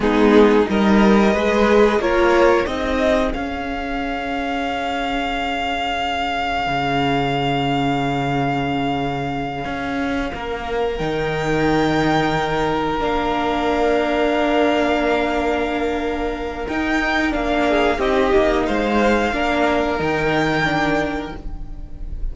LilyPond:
<<
  \new Staff \with { instrumentName = "violin" } { \time 4/4 \tempo 4 = 90 gis'4 dis''2 cis''4 | dis''4 f''2.~ | f''1~ | f''1~ |
f''8 g''2. f''8~ | f''1~ | f''4 g''4 f''4 dis''4 | f''2 g''2 | }
  \new Staff \with { instrumentName = "violin" } { \time 4/4 dis'4 ais'4 b'4 ais'4 | gis'1~ | gis'1~ | gis'2.~ gis'8 ais'8~ |
ais'1~ | ais'1~ | ais'2~ ais'8 gis'8 g'4 | c''4 ais'2. | }
  \new Staff \with { instrumentName = "viola" } { \time 4/4 b4 dis'4 gis'4 f'4 | dis'4 cis'2.~ | cis'1~ | cis'1~ |
cis'8 dis'2. d'8~ | d'1~ | d'4 dis'4 d'4 dis'4~ | dis'4 d'4 dis'4 d'4 | }
  \new Staff \with { instrumentName = "cello" } { \time 4/4 gis4 g4 gis4 ais4 | c'4 cis'2.~ | cis'2 cis2~ | cis2~ cis8 cis'4 ais8~ |
ais8 dis2. ais8~ | ais1~ | ais4 dis'4 ais4 c'8 ais8 | gis4 ais4 dis2 | }
>>